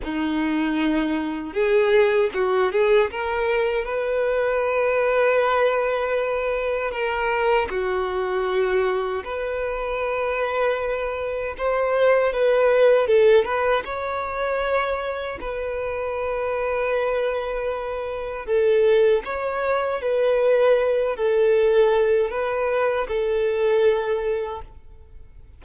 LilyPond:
\new Staff \with { instrumentName = "violin" } { \time 4/4 \tempo 4 = 78 dis'2 gis'4 fis'8 gis'8 | ais'4 b'2.~ | b'4 ais'4 fis'2 | b'2. c''4 |
b'4 a'8 b'8 cis''2 | b'1 | a'4 cis''4 b'4. a'8~ | a'4 b'4 a'2 | }